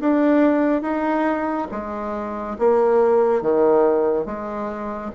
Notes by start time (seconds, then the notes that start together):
0.00 D4
0.81 D#4
1.71 G#3
2.58 A#3
3.42 D#3
4.26 G#3